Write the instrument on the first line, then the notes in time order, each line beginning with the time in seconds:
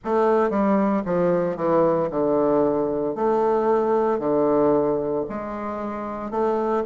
bassoon
0.04 A3
0.50 G3
1.05 F3
1.56 E3
2.10 D3
3.15 A3
4.19 D3
5.29 G#3
6.30 A3